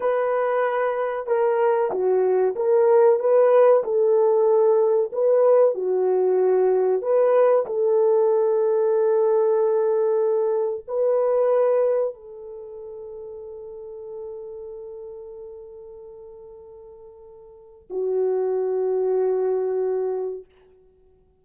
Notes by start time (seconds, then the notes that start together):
0.00 B4
1.26 A#4
1.91 F#4
2.55 A#4
3.19 B4
3.83 A4
5.12 B4
5.74 F#4
7.02 B4
7.66 A4
10.87 B4
12.13 A4
17.90 F#4